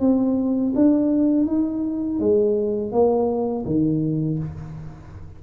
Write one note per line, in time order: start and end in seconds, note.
0.00 0.73 C4
0.75 1.46 D4
1.46 2.20 D#4
2.20 2.92 G#3
2.92 3.65 A#3
3.66 4.39 D#3